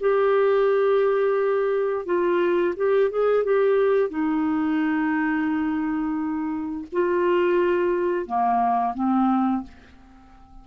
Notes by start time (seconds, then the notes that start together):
0.00 G4
2.05 F4
2.76 G4
3.10 G#4
3.43 G4
4.09 D#4
6.92 F4
8.26 A#3
8.94 C4